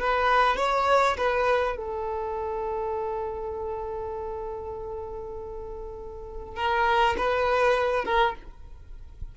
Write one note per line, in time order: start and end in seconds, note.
0.00 0.57 B4
0.57 1.17 C#5
1.18 1.77 B4
1.77 6.56 A4
6.56 7.16 A#4
7.18 8.05 B4
8.05 8.35 A#4